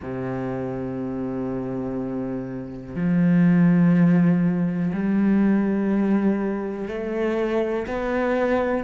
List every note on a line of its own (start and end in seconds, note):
0.01 2.95 C3
2.95 4.92 F3
4.93 6.88 G3
6.88 7.86 A3
7.87 8.83 B3